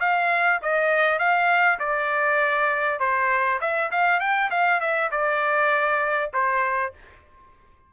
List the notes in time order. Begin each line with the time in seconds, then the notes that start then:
0.00 F5
0.62 D#5
1.19 F5
1.79 D5
2.99 C5
3.61 E5
3.91 F5
4.20 G5
4.50 F5
4.80 E5
5.11 D5
6.33 C5